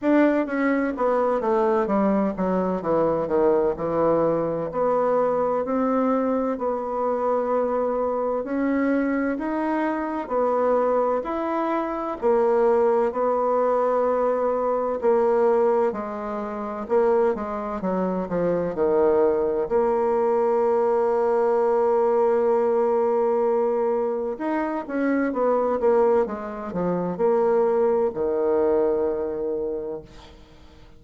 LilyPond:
\new Staff \with { instrumentName = "bassoon" } { \time 4/4 \tempo 4 = 64 d'8 cis'8 b8 a8 g8 fis8 e8 dis8 | e4 b4 c'4 b4~ | b4 cis'4 dis'4 b4 | e'4 ais4 b2 |
ais4 gis4 ais8 gis8 fis8 f8 | dis4 ais2.~ | ais2 dis'8 cis'8 b8 ais8 | gis8 f8 ais4 dis2 | }